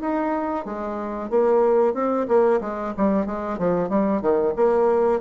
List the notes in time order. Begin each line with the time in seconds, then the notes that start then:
0.00 D#4
0.65 G#3
1.30 A#3
1.94 C4
2.28 A#3
2.61 G#3
2.97 G3
3.26 G#3
3.58 F3
3.89 G3
4.21 D#3
4.56 A#3